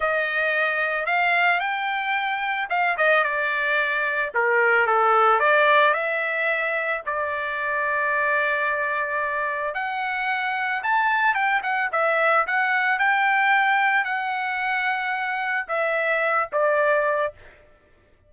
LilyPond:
\new Staff \with { instrumentName = "trumpet" } { \time 4/4 \tempo 4 = 111 dis''2 f''4 g''4~ | g''4 f''8 dis''8 d''2 | ais'4 a'4 d''4 e''4~ | e''4 d''2.~ |
d''2 fis''2 | a''4 g''8 fis''8 e''4 fis''4 | g''2 fis''2~ | fis''4 e''4. d''4. | }